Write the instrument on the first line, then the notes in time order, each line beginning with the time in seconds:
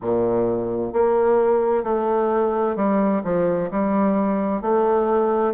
bassoon
0.01 A#2
0.92 A#3
1.83 A3
2.76 G3
3.23 F3
3.70 G3
4.62 A3